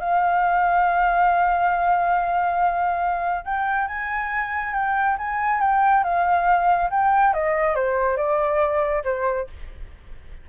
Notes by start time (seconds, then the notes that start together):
0.00 F5
3.45 G5
3.88 G#5
4.74 G5
5.18 G#5
5.61 G5
6.04 F5
6.91 G5
7.34 D#5
7.76 C5
8.17 D5
9.05 C5